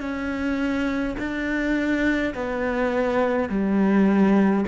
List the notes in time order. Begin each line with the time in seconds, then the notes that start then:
0.00 C#4
1.19 D4
2.34 B3
3.49 G3